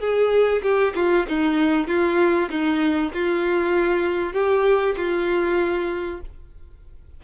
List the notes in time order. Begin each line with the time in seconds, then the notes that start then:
0.00 G#4
0.62 G4
0.95 F4
1.28 D#4
1.87 F4
2.50 D#4
3.13 F4
4.33 G4
4.97 F4